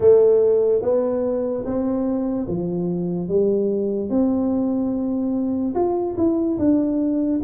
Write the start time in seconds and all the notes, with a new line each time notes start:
0.00 A3
0.82 B3
1.65 C4
2.47 F3
3.28 G3
4.09 C4
5.75 F4
6.16 E4
6.58 D4